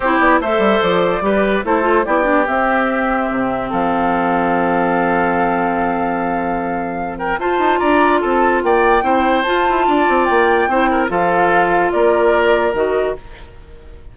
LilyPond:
<<
  \new Staff \with { instrumentName = "flute" } { \time 4/4 \tempo 4 = 146 c''8 d''8 e''4 d''2 | c''4 d''4 e''2~ | e''4 f''2.~ | f''1~ |
f''4. g''8 a''4 ais''4 | a''4 g''2 a''4~ | a''4 g''2 f''4~ | f''4 d''2 dis''4 | }
  \new Staff \with { instrumentName = "oboe" } { \time 4/4 g'4 c''2 b'4 | a'4 g'2.~ | g'4 a'2.~ | a'1~ |
a'4. ais'8 c''4 d''4 | a'4 d''4 c''2 | d''2 c''8 ais'8 a'4~ | a'4 ais'2. | }
  \new Staff \with { instrumentName = "clarinet" } { \time 4/4 e'4 a'2 g'4 | e'8 f'8 e'8 d'8 c'2~ | c'1~ | c'1~ |
c'2 f'2~ | f'2 e'4 f'4~ | f'2 e'4 f'4~ | f'2. fis'4 | }
  \new Staff \with { instrumentName = "bassoon" } { \time 4/4 c'8 b8 a8 g8 f4 g4 | a4 b4 c'2 | c4 f2.~ | f1~ |
f2 f'8 dis'8 d'4 | c'4 ais4 c'4 f'8 e'8 | d'8 c'8 ais4 c'4 f4~ | f4 ais2 dis4 | }
>>